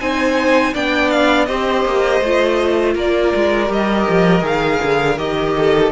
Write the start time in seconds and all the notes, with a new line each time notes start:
0.00 C4 D#4 C5 G#5
0.74 B3 D4 D5 G5
1.11 F5
1.46 C4 G4 C5 D#5
1.85 A#3
2.21 A3 F4
2.95 A#3 A#4 D5
3.36 G#3
3.67 G3 G4 D#5
4.10 F3
4.42 D#3 G#4 F5
4.83 D3
5.18 D#3 G4 D#5
5.57 A4